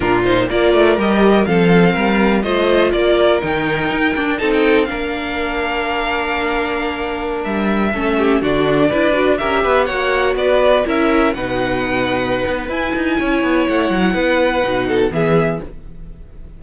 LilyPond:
<<
  \new Staff \with { instrumentName = "violin" } { \time 4/4 \tempo 4 = 123 ais'8 c''8 d''4 dis''4 f''4~ | f''4 dis''4 d''4 g''4~ | g''4 a''16 g''8. f''2~ | f''2.~ f''16 e''8.~ |
e''4~ e''16 d''2 e''8.~ | e''16 fis''4 d''4 e''4 fis''8.~ | fis''2 gis''2 | fis''2. e''4 | }
  \new Staff \with { instrumentName = "violin" } { \time 4/4 f'4 ais'2 a'4 | ais'4 c''4 ais'2~ | ais'4 a'4 ais'2~ | ais'1~ |
ais'16 a'8 g'8 fis'4 b'4 ais'8 b'16~ | b'16 cis''4 b'4 ais'4 b'8.~ | b'2. cis''4~ | cis''4 b'4. a'8 gis'4 | }
  \new Staff \with { instrumentName = "viola" } { \time 4/4 d'8 dis'8 f'4 g'4 c'4~ | c'4 f'2 dis'4~ | dis'8 d'8 dis'4 d'2~ | d'1~ |
d'16 cis'4 d'4 e'8 fis'8 g'8.~ | g'16 fis'2 e'4 dis'8.~ | dis'2 e'2~ | e'2 dis'4 b4 | }
  \new Staff \with { instrumentName = "cello" } { \time 4/4 ais,4 ais8 a8 g4 f4 | g4 a4 ais4 dis4 | dis'8 d'8 c'4 ais2~ | ais2.~ ais16 g8.~ |
g16 a4 d4 d'4 cis'8 b16~ | b16 ais4 b4 cis'4 b,8.~ | b,4. b8 e'8 dis'8 cis'8 b8 | a8 fis8 b4 b,4 e4 | }
>>